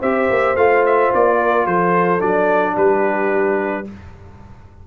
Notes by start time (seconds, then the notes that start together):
0.00 C4 G4 C5 E5
0.30 A#3
0.56 A3 F4 F5
0.86 E5
1.14 A#3 D5
1.39 A#4
1.66 F3 A4 C5
2.20 F#3 D4 D5
2.74 G3 G4 B4